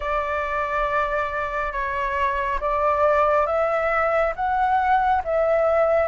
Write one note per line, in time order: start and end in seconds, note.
0.00 1.72 D5
1.72 2.59 C#5
2.60 3.46 D5
3.46 4.33 E5
4.35 5.22 F#5
5.24 6.08 E5